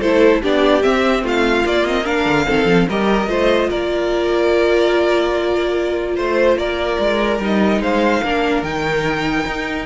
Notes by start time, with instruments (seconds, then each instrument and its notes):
0.00 cello A3, viola E4, violin A4 C5
0.42 cello B3, viola D4, violin G4 D5
0.81 viola C4, cello C4, violin E5
1.23 cello A3, violin F4 F5
1.66 cello A#3, viola A#3, violin D5
1.86 viola C4, violin D#5
2.04 viola D4, violin A#4 F5
2.26 cello D3
2.46 cello D#3, viola C4, violin A4
2.66 cello F3
2.89 cello G3, viola G4, violin A#4 D#5
3.27 cello A3, viola F4, violin C5
3.69 cello A#3, violin A#4 D5
6.15 cello A3, violin C5
6.57 cello A#3, violin A#4 D5
6.99 cello G#3
7.39 cello G3, viola D#4, violin D#5
7.80 cello G#3, violin C5 F5
8.23 cello A#3, viola D4, violin A#4
8.63 cello D#3, viola D#4, violin G5
9.46 cello D#4